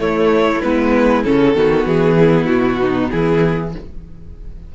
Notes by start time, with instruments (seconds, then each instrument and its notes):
0.00 viola A3, cello A3, violin E4 C#5
0.62 cello G#3, viola B3, violin B4
1.25 cello C#3, viola C#4, violin A4
1.54 cello D#3, viola B3, violin F#4
1.86 cello E3, violin G#4
2.20 violin E4
2.47 cello B2, violin F#4
2.81 violin D#4
3.11 cello E3, violin E4 G#4